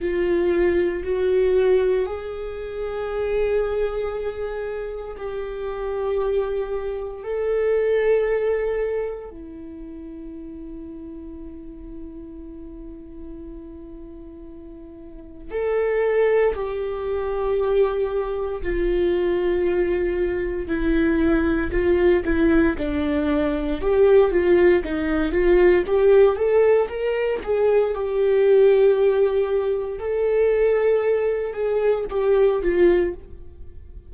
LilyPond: \new Staff \with { instrumentName = "viola" } { \time 4/4 \tempo 4 = 58 f'4 fis'4 gis'2~ | gis'4 g'2 a'4~ | a'4 e'2.~ | e'2. a'4 |
g'2 f'2 | e'4 f'8 e'8 d'4 g'8 f'8 | dis'8 f'8 g'8 a'8 ais'8 gis'8 g'4~ | g'4 a'4. gis'8 g'8 f'8 | }